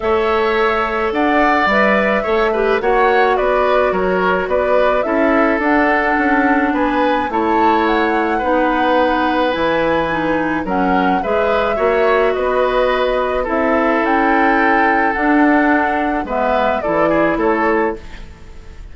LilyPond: <<
  \new Staff \with { instrumentName = "flute" } { \time 4/4 \tempo 4 = 107 e''2 fis''4 e''4~ | e''4 fis''4 d''4 cis''4 | d''4 e''4 fis''2 | gis''4 a''4 fis''2~ |
fis''4 gis''2 fis''4 | e''2 dis''2 | e''4 g''2 fis''4~ | fis''4 e''4 d''4 cis''4 | }
  \new Staff \with { instrumentName = "oboe" } { \time 4/4 cis''2 d''2 | cis''8 b'8 cis''4 b'4 ais'4 | b'4 a'2. | b'4 cis''2 b'4~ |
b'2. ais'4 | b'4 cis''4 b'2 | a'1~ | a'4 b'4 a'8 gis'8 a'4 | }
  \new Staff \with { instrumentName = "clarinet" } { \time 4/4 a'2. b'4 | a'8 g'8 fis'2.~ | fis'4 e'4 d'2~ | d'4 e'2 dis'4~ |
dis'4 e'4 dis'4 cis'4 | gis'4 fis'2. | e'2. d'4~ | d'4 b4 e'2 | }
  \new Staff \with { instrumentName = "bassoon" } { \time 4/4 a2 d'4 g4 | a4 ais4 b4 fis4 | b4 cis'4 d'4 cis'4 | b4 a2 b4~ |
b4 e2 fis4 | gis4 ais4 b2 | c'4 cis'2 d'4~ | d'4 gis4 e4 a4 | }
>>